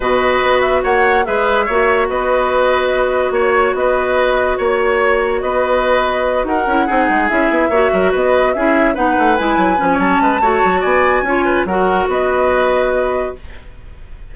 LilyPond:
<<
  \new Staff \with { instrumentName = "flute" } { \time 4/4 \tempo 4 = 144 dis''4. e''8 fis''4 e''4~ | e''4 dis''2. | cis''4 dis''2 cis''4~ | cis''4 dis''2~ dis''8 fis''8~ |
fis''4. e''2 dis''8~ | dis''8 e''4 fis''4 gis''4. | a''2 gis''2 | fis''4 dis''2. | }
  \new Staff \with { instrumentName = "oboe" } { \time 4/4 b'2 cis''4 b'4 | cis''4 b'2. | cis''4 b'2 cis''4~ | cis''4 b'2~ b'8 ais'8~ |
ais'8 gis'2 cis''8 ais'8 b'8~ | b'8 gis'4 b'2~ b'16 cis''16~ | cis''8 b'8 cis''4 d''4 cis''8 b'8 | ais'4 b'2. | }
  \new Staff \with { instrumentName = "clarinet" } { \time 4/4 fis'2. gis'4 | fis'1~ | fis'1~ | fis'1 |
e'8 dis'4 e'4 fis'4.~ | fis'8 e'4 dis'4 e'4 cis'8~ | cis'4 fis'2 f'4 | fis'1 | }
  \new Staff \with { instrumentName = "bassoon" } { \time 4/4 b,4 b4 ais4 gis4 | ais4 b2. | ais4 b2 ais4~ | ais4 b2~ b8 dis'8 |
cis'8 c'8 gis8 cis'8 b8 ais8 fis8 b8~ | b8 cis'4 b8 a8 gis8 fis8 f8 | fis8 gis8 a8 fis8 b4 cis'4 | fis4 b2. | }
>>